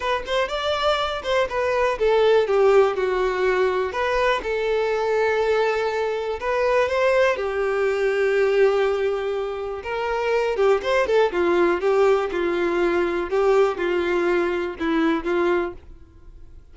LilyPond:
\new Staff \with { instrumentName = "violin" } { \time 4/4 \tempo 4 = 122 b'8 c''8 d''4. c''8 b'4 | a'4 g'4 fis'2 | b'4 a'2.~ | a'4 b'4 c''4 g'4~ |
g'1 | ais'4. g'8 c''8 a'8 f'4 | g'4 f'2 g'4 | f'2 e'4 f'4 | }